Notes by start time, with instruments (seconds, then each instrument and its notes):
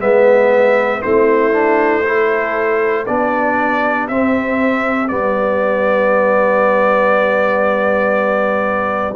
0.00 tuba G#3, trombone B3, horn B4, trumpet E5
1.02 tuba A3, trombone C4, horn E4, trumpet C5
1.53 trombone D4
2.04 trombone E4, horn A4
3.06 tuba B3, trombone D4, horn G4, trumpet D5
4.08 tuba C4, trombone C4, trumpet E5
5.08 tuba G3, trombone B3, trumpet D5